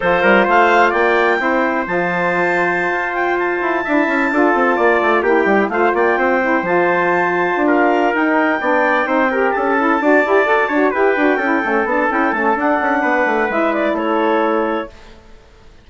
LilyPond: <<
  \new Staff \with { instrumentName = "clarinet" } { \time 4/4 \tempo 4 = 129 c''4 f''4 g''2 | a''2~ a''8. g''8 a''8.~ | a''2.~ a''16 g''8.~ | g''16 f''8 g''4. a''4.~ a''16~ |
a''8 f''4 g''2~ g''8~ | g''8 a''2. g''8~ | g''4. a''8 g''8 a''8 fis''4~ | fis''4 e''8 d''8 cis''2 | }
  \new Staff \with { instrumentName = "trumpet" } { \time 4/4 a'8 ais'8 c''4 d''4 c''4~ | c''1~ | c''16 e''4 a'4 d''4 g'8.~ | g'16 c''8 d''8 c''2~ c''8.~ |
c''8 ais'2 d''4 c''8 | ais'8 a'4 d''4. cis''8 b'8~ | b'8 a'2.~ a'8 | b'2 a'2 | }
  \new Staff \with { instrumentName = "saxophone" } { \time 4/4 f'2. e'4 | f'1~ | f'16 e'4 f'2 e'8.~ | e'16 f'4. e'8 f'4.~ f'16~ |
f'4. dis'4 d'4 dis'8 | g'4 e'8 fis'8 g'8 a'8 fis'8 g'8 | fis'8 e'8 cis'8 d'8 e'8 cis'8 d'4~ | d'4 e'2. | }
  \new Staff \with { instrumentName = "bassoon" } { \time 4/4 f8 g8 a4 ais4 c'4 | f2~ f16 f'4. e'16~ | e'16 d'8 cis'8 d'8 c'8 ais8 a8 ais8 g16~ | g16 a8 ais8 c'4 f4.~ f16~ |
f16 d'4~ d'16 dis'4 b4 c'8~ | c'8 cis'4 d'8 e'8 fis'8 d'8 e'8 | d'8 cis'8 a8 b8 cis'8 a8 d'8 cis'8 | b8 a8 gis4 a2 | }
>>